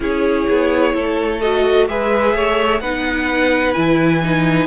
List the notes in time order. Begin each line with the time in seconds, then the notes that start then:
0.00 C#4 E4 G#4 C#5
0.49 B3
0.94 A3 A4
1.40 F#4 D#5
1.88 G#3 G#4 B4 E5
2.34 A3 C#5
2.80 B3 D#4 B4 F#5
3.73 E3 E4 G#5
4.22 D#4